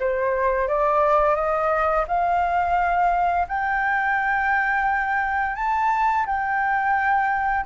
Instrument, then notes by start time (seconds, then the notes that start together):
flute
0.00 C5
0.68 D5
1.35 D#5
2.08 F5
3.48 G5
5.56 A5
6.26 G5